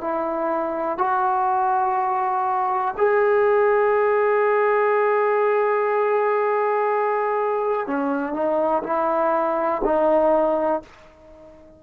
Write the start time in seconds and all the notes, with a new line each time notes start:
0.00 E4
0.97 F#4
2.97 G#4
7.87 C#4
8.33 D#4
8.83 E4
9.84 D#4